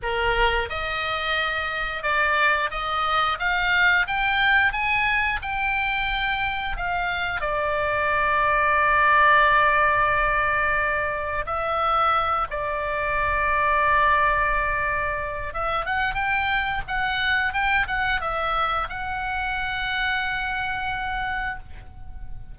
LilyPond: \new Staff \with { instrumentName = "oboe" } { \time 4/4 \tempo 4 = 89 ais'4 dis''2 d''4 | dis''4 f''4 g''4 gis''4 | g''2 f''4 d''4~ | d''1~ |
d''4 e''4. d''4.~ | d''2. e''8 fis''8 | g''4 fis''4 g''8 fis''8 e''4 | fis''1 | }